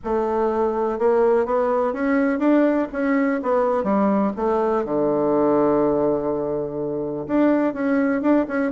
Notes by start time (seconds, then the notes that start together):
0.04 A3
0.98 A#3
1.45 B3
1.93 C#4
2.39 D4
2.92 C#4
3.42 B3
3.83 G3
4.36 A3
4.85 D3
7.27 D4
7.73 C#4
8.21 D4
8.48 C#4